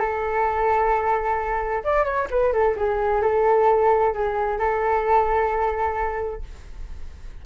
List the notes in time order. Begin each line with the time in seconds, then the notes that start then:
0.00 A4
1.84 D5
2.05 C#5
2.31 B4
2.53 A4
2.77 G#4
3.22 A4
4.14 G#4
4.59 A4